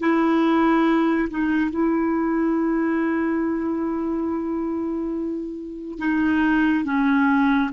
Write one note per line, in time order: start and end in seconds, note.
0.00 1.29 E4
1.31 1.71 D#4
1.71 5.99 E4
5.99 6.85 D#4
6.85 7.71 C#4